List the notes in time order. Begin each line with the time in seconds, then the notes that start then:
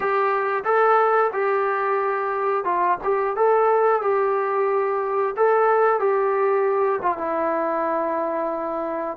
0.00 G4
0.64 A4
1.32 G4
2.64 F4
3.03 G4
3.36 A4
4.02 G4
5.36 A4
5.99 G4
7.02 F4
7.17 E4